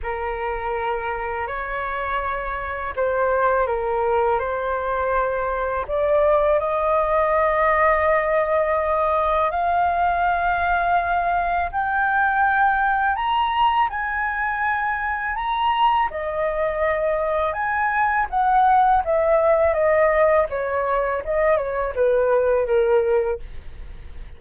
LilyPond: \new Staff \with { instrumentName = "flute" } { \time 4/4 \tempo 4 = 82 ais'2 cis''2 | c''4 ais'4 c''2 | d''4 dis''2.~ | dis''4 f''2. |
g''2 ais''4 gis''4~ | gis''4 ais''4 dis''2 | gis''4 fis''4 e''4 dis''4 | cis''4 dis''8 cis''8 b'4 ais'4 | }